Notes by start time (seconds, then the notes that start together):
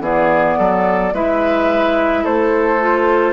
0.00 E3 B3 G#4 D5
0.58 F#3 A4
1.13 G#3 E4 B4 E5
2.23 A3 A4 C5
2.80 F4